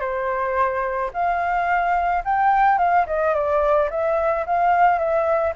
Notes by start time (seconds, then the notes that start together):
0.00 C5
1.13 F5
2.24 G5
2.78 F5
3.07 D#5
3.34 D5
3.90 E5
4.46 F5
4.98 E5